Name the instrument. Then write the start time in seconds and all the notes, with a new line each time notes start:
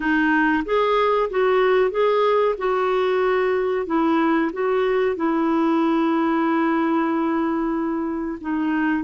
clarinet
0.00 D#4
0.65 G#4
1.30 F#4
1.90 G#4
2.58 F#4
3.86 E4
4.52 F#4
5.16 E4
8.40 D#4